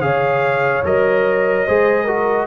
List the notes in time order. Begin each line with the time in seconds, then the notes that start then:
0.00 C#3 G#4 C#5 F5
0.84 F#3 A#4 D#5
1.66 G#3 G#4 C5
2.04 F#4 A#4